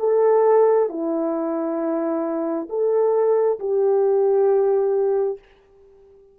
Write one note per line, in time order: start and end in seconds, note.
0.00 0.90 A4
0.90 2.69 E4
2.70 3.59 A4
3.60 5.39 G4